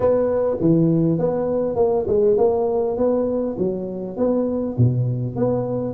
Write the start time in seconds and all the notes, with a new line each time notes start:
0.00 B3
0.60 E3
1.18 B3
1.75 A#3
2.07 G#3
2.37 A#3
2.97 B3
3.58 F#3
4.16 B3
4.77 B2
5.36 B3